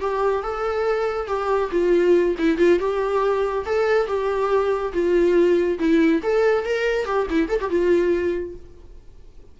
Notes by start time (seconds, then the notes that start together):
0.00 G4
0.42 A4
1.27 G4
1.71 F4
2.38 E4
2.58 F4
2.79 G4
3.65 A4
4.06 G4
4.92 F4
5.79 E4
6.22 A4
6.65 A#4
7.05 G4
7.30 E4
7.49 A4
7.60 G4
7.69 F4